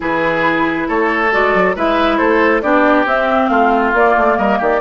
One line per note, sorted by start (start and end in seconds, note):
0.00 0.88 E3
0.00 1.28 E4
0.00 0.88 G#4
0.00 0.88 B4
0.88 1.33 A3
0.88 1.75 A4
0.88 1.32 C#5
1.31 1.54 G#3
1.31 1.74 F#4
1.31 1.76 D5
1.54 1.75 F#3
1.75 2.19 G#3
1.75 2.61 E4
1.75 2.17 B4
1.75 2.17 E5
2.17 2.62 A3
2.17 2.61 A4
2.17 2.61 C5
2.61 3.05 B3
2.61 3.05 D4
2.61 3.50 G4
2.61 3.05 D5
3.05 3.49 C4
3.05 3.95 C4
3.05 3.48 E5
3.48 3.93 A3
3.48 4.37 F4
3.48 3.92 F5
3.93 4.15 A#3
3.93 4.80 A#3
3.93 4.38 D5
4.17 4.37 A3
4.37 4.59 G3
4.37 4.58 A#4
4.37 4.60 D#5
4.58 4.80 D#3
4.58 4.80 G4
4.58 4.80 D5